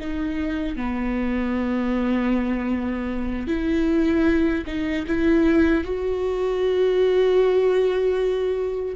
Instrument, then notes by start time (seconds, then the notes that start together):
viola
0.00 D#4
0.76 B3
3.47 E4
4.67 D#4
5.07 E4
5.84 F#4